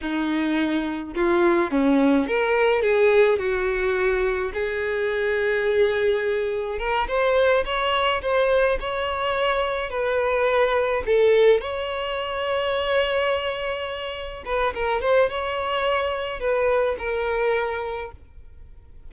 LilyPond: \new Staff \with { instrumentName = "violin" } { \time 4/4 \tempo 4 = 106 dis'2 f'4 cis'4 | ais'4 gis'4 fis'2 | gis'1 | ais'8 c''4 cis''4 c''4 cis''8~ |
cis''4. b'2 a'8~ | a'8 cis''2.~ cis''8~ | cis''4. b'8 ais'8 c''8 cis''4~ | cis''4 b'4 ais'2 | }